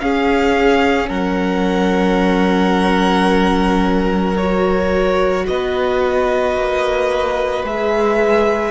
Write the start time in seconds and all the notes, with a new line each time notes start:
0.00 C#4 G#4 F5
1.09 F#3 A#4 F#5
4.37 F#4 C#5
5.47 B3 B4 D#5
6.56 A#3
7.63 G#3 G#4 E5